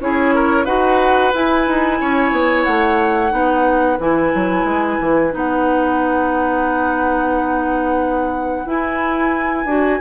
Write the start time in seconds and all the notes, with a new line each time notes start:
0.00 C#4 E4 G#4 C#5
0.35 A#4
0.65 D#4 F#4 B4 F#5
1.34 E4 G#5
1.67 D#4
2.01 C#4 C#5
2.32 B3
2.64 A3 F#5
3.31 B3 D#4 B4
4.00 E3 E4 G#5
4.35 F#3
4.65 G#3
5.01 E3
5.31 B3 D#4
5.37 F#5
8.66 E4 G#5
9.66 D4 F#4